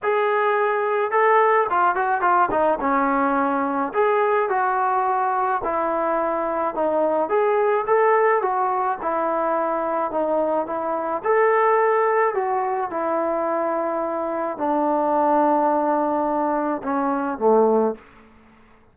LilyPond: \new Staff \with { instrumentName = "trombone" } { \time 4/4 \tempo 4 = 107 gis'2 a'4 f'8 fis'8 | f'8 dis'8 cis'2 gis'4 | fis'2 e'2 | dis'4 gis'4 a'4 fis'4 |
e'2 dis'4 e'4 | a'2 fis'4 e'4~ | e'2 d'2~ | d'2 cis'4 a4 | }